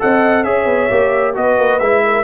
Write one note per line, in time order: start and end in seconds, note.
0.00 0.44 C4
0.00 0.45 A4
0.00 0.44 D#5
0.00 0.44 F#5
0.44 0.66 C#4
0.44 0.90 G#4
0.44 1.35 C#5
0.44 1.35 E5
0.66 0.88 B3
0.91 1.37 A#3
0.91 1.34 G4
1.34 1.58 B3
1.34 1.80 F#4
1.34 2.04 B4
1.34 1.80 D#5
1.58 1.81 A#3
1.80 2.24 G#3
1.80 2.24 E4
1.80 2.24 E5
2.05 2.24 A#4